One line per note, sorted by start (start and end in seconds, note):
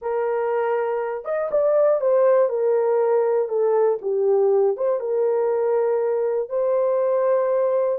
0.01 1.24 A#4
1.24 1.49 D#5
1.51 2.00 D5
2.00 2.49 C5
2.49 3.48 A#4
3.48 3.98 A4
4.01 4.76 G4
4.76 5.00 C5
5.00 6.49 A#4
6.49 7.99 C5